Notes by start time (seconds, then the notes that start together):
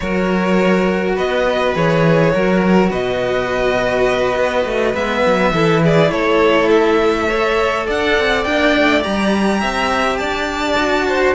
0.00 F#3 F#4 A#4 C#5
1.15 B3 B4 D#5
1.75 E3 G#4 C#5
2.31 F#3 F#4 A#4
2.89 B2 B4 D#5
4.35 B3
4.65 A3
4.94 G#3 B3 E5
5.26 F#3
5.51 E3 E4 A4
5.83 G#4 D5
6.11 A3 A4 C#5
6.70 E5
7.28 A4 C#5
7.86 D4 D5 F#5
8.18 C4
8.44 A#3 D4 G5
8.77 A3
9.00 G3 G4 A#5
9.60 C4 E5
10.17 D4 D5 A5
10.77 F#4
11.07 C5